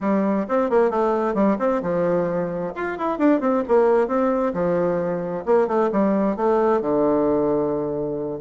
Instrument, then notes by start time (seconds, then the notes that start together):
bassoon
0.01 G3
0.48 C4
0.69 A#3
0.90 A3
1.34 G3
1.58 C4
1.82 F3
2.75 F4
2.98 E4
3.18 D4
3.40 C4
3.68 A#3
4.07 C4
4.53 F3
5.45 A#3
5.67 A3
5.92 G3
6.36 A3
6.81 D3